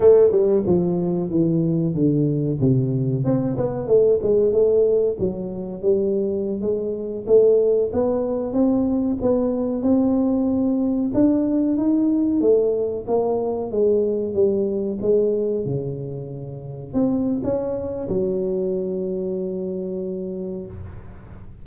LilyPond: \new Staff \with { instrumentName = "tuba" } { \time 4/4 \tempo 4 = 93 a8 g8 f4 e4 d4 | c4 c'8 b8 a8 gis8 a4 | fis4 g4~ g16 gis4 a8.~ | a16 b4 c'4 b4 c'8.~ |
c'4~ c'16 d'4 dis'4 a8.~ | a16 ais4 gis4 g4 gis8.~ | gis16 cis2 c'8. cis'4 | fis1 | }